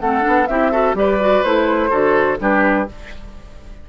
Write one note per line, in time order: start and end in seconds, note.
0.00 0.24 A3
0.00 0.21 C4
0.00 0.48 A4
0.00 0.47 F#5
0.21 0.48 B3
0.21 0.45 D4
0.47 0.94 C4
0.47 0.72 E4
0.47 0.71 G4
0.47 0.94 E5
0.71 0.95 F#4
0.71 0.95 A4
0.94 1.42 G3
0.94 1.19 G4
0.94 1.90 B4
0.94 1.43 D5
1.20 1.44 F#4
1.43 1.91 A3
1.43 1.90 E4
1.43 2.38 C5
1.90 2.38 D3
1.90 2.37 F#4
1.90 2.38 A4
2.38 2.88 G3
2.38 2.86 D4
2.38 2.89 G4
2.38 2.89 B4